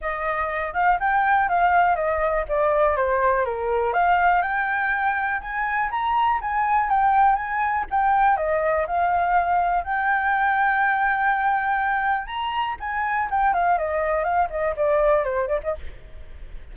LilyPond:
\new Staff \with { instrumentName = "flute" } { \time 4/4 \tempo 4 = 122 dis''4. f''8 g''4 f''4 | dis''4 d''4 c''4 ais'4 | f''4 g''2 gis''4 | ais''4 gis''4 g''4 gis''4 |
g''4 dis''4 f''2 | g''1~ | g''4 ais''4 gis''4 g''8 f''8 | dis''4 f''8 dis''8 d''4 c''8 d''16 dis''16 | }